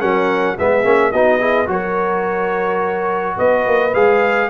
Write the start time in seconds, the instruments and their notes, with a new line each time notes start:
0.00 tuba F#3, trombone C#4, horn A#4, trumpet F#5
0.59 tuba G#3, trombone B3, horn G#4, trumpet E5
0.84 tuba A#3, trombone C#4
1.12 tuba B3, trombone D#4, horn F#4, trumpet D#5
1.40 trombone E4, horn G#4
1.67 tuba F#3, trombone F#4, horn A#4, trumpet C#5
3.37 tuba B3, horn B4, trumpet D#5
3.67 tuba A#3
3.95 tuba G#3, trombone G#4, trumpet F5